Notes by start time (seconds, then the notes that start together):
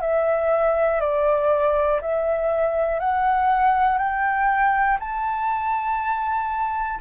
0.00 E5
1.00 D5
2.01 E5
2.99 F#5
3.98 G5
4.99 A5